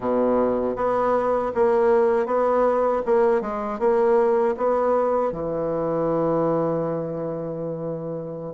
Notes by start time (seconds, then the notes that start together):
0.00 B2
0.76 B3
1.54 A#3
2.26 B3
3.05 A#3
3.41 G#3
3.79 A#3
4.57 B3
5.32 E3